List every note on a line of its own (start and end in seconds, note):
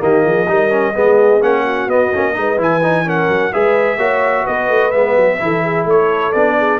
0.00 0.25 D#3
0.00 0.47 A#3
0.00 0.26 G4
0.00 1.43 D#5
0.25 0.48 F3
0.25 0.49 G#4
0.48 0.95 G3
0.48 0.71 D#4
0.48 0.94 A#4
0.71 0.94 C#4
0.94 1.42 G#3
0.94 1.42 B3
0.94 1.64 G#4
1.42 1.88 A#3
1.42 1.90 C#4
1.42 1.90 F#5
1.65 2.35 F#4
1.88 2.11 B3
1.88 2.13 B3
1.88 2.60 D#5
2.14 2.37 A#3
2.14 2.34 C#4
2.34 2.59 G#3
2.34 2.57 D#4
2.34 3.06 B4
2.58 3.29 E3
2.58 2.81 E4
2.58 3.09 G#5
2.83 3.06 D#4
3.06 3.53 C#4
3.06 3.53 A#4
3.06 3.54 F#5
3.29 3.52 F#3
3.53 3.98 G#3
3.53 3.99 G#4
3.53 3.98 B4
3.53 4.47 E5
3.98 4.45 A#3
3.98 4.93 F#4
3.98 4.44 C#5
4.44 4.69 B3
4.44 5.38 B4
4.44 4.92 D#5
4.69 4.93 A3
4.92 5.16 G#3
4.92 5.40 B3
4.92 5.85 E5
5.16 5.40 F#3
5.40 5.86 E3
5.40 6.34 E4
5.40 5.64 A4
5.64 5.86 G#4
5.86 6.33 A3
5.86 6.56 A4
5.86 6.33 C#5
6.33 6.80 B3
6.33 6.80 D4
6.33 6.80 D5
6.58 6.80 G#4